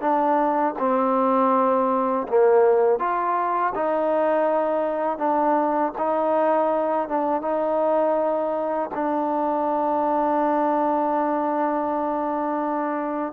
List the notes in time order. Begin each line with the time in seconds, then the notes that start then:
0.00 D4
0.79 C4
2.28 A#3
2.99 F4
3.75 D#4
5.18 D4
5.98 D#4
7.08 D4
7.41 D#4
8.94 D4